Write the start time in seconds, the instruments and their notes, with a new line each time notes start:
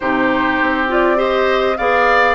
0.00 bassoon C3, clarinet D#4, oboe G4, flute C5
0.61 bassoon C4
0.88 clarinet F4, flute D5
1.16 clarinet G4, oboe C5, flute D#5
1.77 bassoon B3, clarinet G#4, oboe D5, flute F5